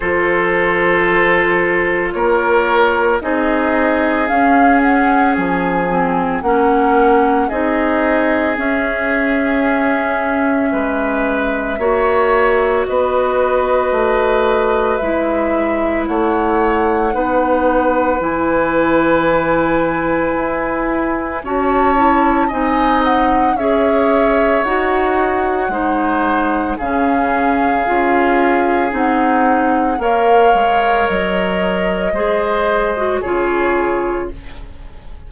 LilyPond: <<
  \new Staff \with { instrumentName = "flute" } { \time 4/4 \tempo 4 = 56 c''2 cis''4 dis''4 | f''8 fis''8 gis''4 fis''4 dis''4 | e''1 | dis''2 e''4 fis''4~ |
fis''4 gis''2. | a''4 gis''8 fis''8 e''4 fis''4~ | fis''4 f''2 fis''4 | f''4 dis''2 cis''4 | }
  \new Staff \with { instrumentName = "oboe" } { \time 4/4 a'2 ais'4 gis'4~ | gis'2 ais'4 gis'4~ | gis'2 b'4 cis''4 | b'2. cis''4 |
b'1 | cis''4 dis''4 cis''2 | c''4 gis'2. | cis''2 c''4 gis'4 | }
  \new Staff \with { instrumentName = "clarinet" } { \time 4/4 f'2. dis'4 | cis'4. c'8 cis'4 dis'4 | cis'2. fis'4~ | fis'2 e'2 |
dis'4 e'2. | fis'8 e'8 dis'4 gis'4 fis'4 | dis'4 cis'4 f'4 dis'4 | ais'2 gis'8. fis'16 f'4 | }
  \new Staff \with { instrumentName = "bassoon" } { \time 4/4 f2 ais4 c'4 | cis'4 f4 ais4 c'4 | cis'2 gis4 ais4 | b4 a4 gis4 a4 |
b4 e2 e'4 | cis'4 c'4 cis'4 dis'4 | gis4 cis4 cis'4 c'4 | ais8 gis8 fis4 gis4 cis4 | }
>>